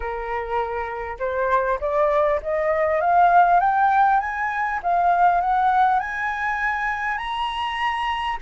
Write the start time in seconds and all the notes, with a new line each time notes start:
0.00 A#4
1.19 C5
1.80 D5
2.42 D#5
3.01 F5
3.60 G5
4.20 G#5
4.82 F5
5.41 F#5
5.99 G#5
7.17 A#5